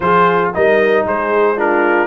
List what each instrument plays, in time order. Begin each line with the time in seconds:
0.00 tuba F3, trombone F4, horn G#4, trumpet C5
0.54 tuba G3, trombone D#4, horn A#4, trumpet D#5
1.04 tuba G#3, horn G#4, trumpet C5
1.56 trombone D4, horn F4, trumpet A#4